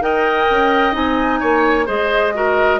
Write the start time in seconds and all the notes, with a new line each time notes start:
0.00 D#4 A#4 D#5 G5
0.50 C#4
0.92 C4 D#4 G#5
1.40 A#3 C#5
1.85 G#3 G#4 C5 D#5
2.34 F#4 A#4